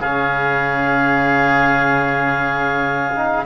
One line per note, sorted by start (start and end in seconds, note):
0.00 3.45 C#3
0.00 3.14 C#4
0.00 3.45 G#4
0.00 3.46 F5
3.14 3.46 D#4